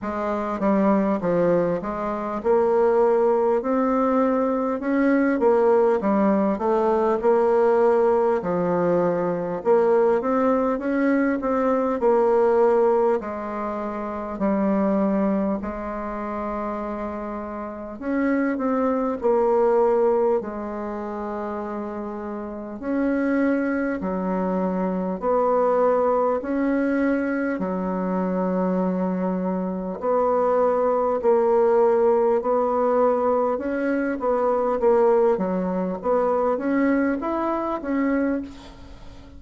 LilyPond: \new Staff \with { instrumentName = "bassoon" } { \time 4/4 \tempo 4 = 50 gis8 g8 f8 gis8 ais4 c'4 | cis'8 ais8 g8 a8 ais4 f4 | ais8 c'8 cis'8 c'8 ais4 gis4 | g4 gis2 cis'8 c'8 |
ais4 gis2 cis'4 | fis4 b4 cis'4 fis4~ | fis4 b4 ais4 b4 | cis'8 b8 ais8 fis8 b8 cis'8 e'8 cis'8 | }